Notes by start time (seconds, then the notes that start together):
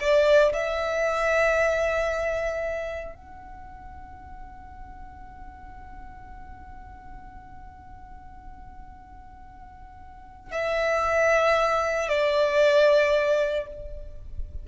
0.00 D5
0.53 E5
3.15 F#5
10.52 E5
12.09 D5